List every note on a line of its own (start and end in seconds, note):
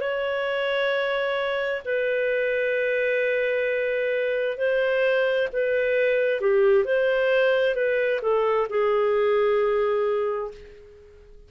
0.00 1.82 C#5
1.85 4.57 B4
4.57 5.48 C5
5.52 6.40 B4
6.40 6.84 G4
6.84 7.75 C5
7.75 8.20 B4
8.21 8.67 A4
8.69 10.51 G#4